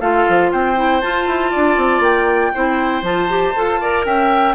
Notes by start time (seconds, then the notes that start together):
0.00 A3 F4 A4 F5
0.29 F3
0.51 C4 C5 G5
0.76 E4
1.01 F4 A5
1.27 E4
1.51 D4 D5
1.77 C4
2.00 A#3 G5
2.54 C4 E4 C5
3.02 F3 F4 A5
3.29 G4
3.55 F4 A4
3.80 A#4 D5
4.05 C#4 E5 G5